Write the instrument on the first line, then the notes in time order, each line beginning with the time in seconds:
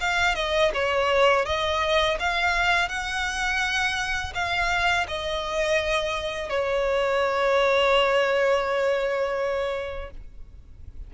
violin
0.00 F5
0.35 D#5
0.74 C#5
1.46 D#5
2.19 F5
2.88 F#5
4.34 F5
5.08 D#5
6.49 C#5